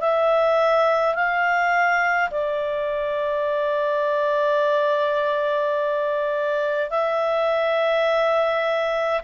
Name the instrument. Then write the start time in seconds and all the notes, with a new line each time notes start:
clarinet
0.00 E5
1.14 F5
2.30 D5
6.90 E5